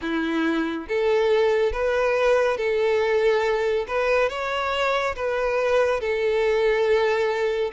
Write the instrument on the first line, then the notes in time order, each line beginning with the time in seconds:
violin
0.01 E4
0.88 A4
1.72 B4
2.57 A4
3.87 B4
4.29 C#5
5.15 B4
6.00 A4